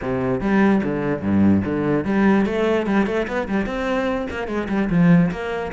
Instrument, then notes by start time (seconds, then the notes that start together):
cello
0.01 C3
0.40 G3
0.83 D3
1.21 G2
1.64 D3
2.05 G3
2.45 A3
2.86 G3
3.06 A3
3.27 B3
3.48 G3
3.65 C4
4.30 A#3
4.47 G#3
4.68 G3
4.90 F3
5.31 A#3